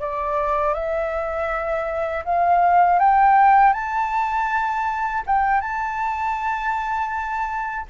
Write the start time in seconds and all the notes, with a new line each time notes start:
0.00 D5
0.74 E5
2.25 F5
2.99 G5
3.73 A5
5.26 G5
5.61 A5